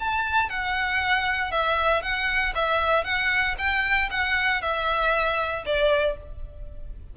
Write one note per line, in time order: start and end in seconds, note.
0.00 0.49 A5
0.49 1.52 F#5
1.52 2.02 E5
2.02 2.54 F#5
2.55 3.04 E5
3.04 3.56 F#5
3.58 4.10 G5
4.11 4.62 F#5
4.62 5.65 E5
5.66 6.17 D5